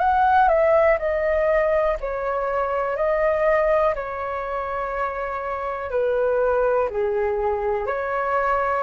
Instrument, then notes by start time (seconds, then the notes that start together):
flute
0.00 F#5
0.49 E5
0.99 D#5
2.01 C#5
2.96 D#5
3.95 C#5
5.91 B4
6.90 G#4
7.87 C#5